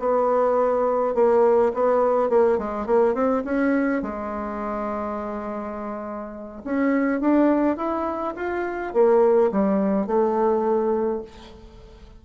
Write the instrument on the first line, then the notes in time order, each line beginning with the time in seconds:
bassoon
0.00 B3
1.15 A#3
1.74 B3
2.30 A#3
2.59 G#3
2.87 A#3
3.15 C4
3.45 C#4
4.03 G#3
6.65 C#4
7.21 D4
7.77 E4
8.36 F4
8.94 A#3
9.52 G3
10.07 A3